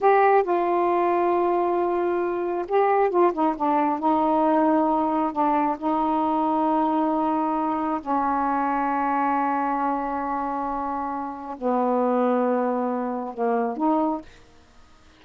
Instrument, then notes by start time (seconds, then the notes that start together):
saxophone
0.00 G4
0.43 F4
2.68 G4
3.10 F4
3.33 D#4
3.56 D4
3.99 D#4
5.32 D4
5.78 D#4
8.00 C#4
11.58 B3
13.33 A#3
13.77 D#4